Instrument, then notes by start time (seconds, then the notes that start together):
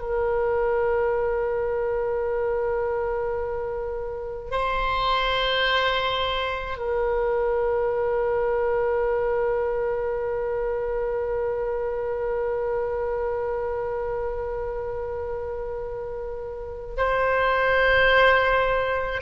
oboe
0.00 A#4
4.52 C5
6.78 A#4
16.98 C5